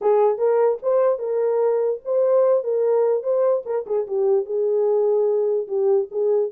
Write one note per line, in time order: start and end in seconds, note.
0.01 0.38 G#4
0.38 0.78 A#4
0.82 1.18 C5
1.18 2.00 A#4
2.04 2.63 C5
2.63 3.23 A#4
3.23 3.63 C5
3.65 3.85 A#4
3.86 4.06 G#4
4.07 4.45 G4
4.45 5.67 G#4
5.67 6.08 G4
6.11 6.51 G#4